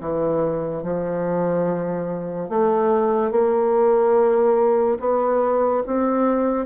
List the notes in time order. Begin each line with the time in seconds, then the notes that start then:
0.00 E3
0.83 F3
2.49 A3
3.31 A#3
5.00 B3
5.86 C4